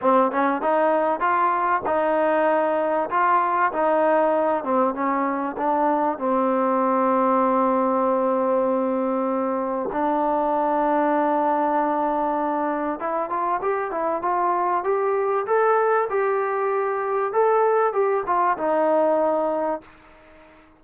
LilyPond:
\new Staff \with { instrumentName = "trombone" } { \time 4/4 \tempo 4 = 97 c'8 cis'8 dis'4 f'4 dis'4~ | dis'4 f'4 dis'4. c'8 | cis'4 d'4 c'2~ | c'1 |
d'1~ | d'4 e'8 f'8 g'8 e'8 f'4 | g'4 a'4 g'2 | a'4 g'8 f'8 dis'2 | }